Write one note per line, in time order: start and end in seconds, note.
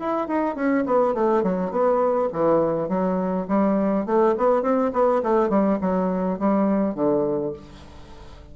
0.00 0.28 E4
0.28 0.56 D#4
0.56 0.85 C#4
0.86 1.15 B3
1.15 1.44 A3
1.44 1.71 F#3
1.71 2.30 B3
2.33 2.89 E3
2.89 3.47 F#3
3.48 4.06 G3
4.06 4.36 A3
4.38 4.63 B3
4.63 4.92 C4
4.93 5.22 B3
5.23 5.50 A3
5.50 5.79 G3
5.81 6.39 F#3
6.39 6.95 G3
6.95 7.54 D3